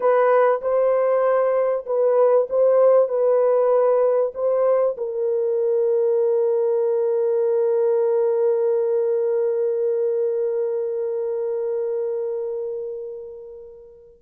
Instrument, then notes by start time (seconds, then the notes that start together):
horn
0.00 B4
0.61 C5
1.86 B4
2.49 C5
3.08 B4
4.34 C5
4.97 A#4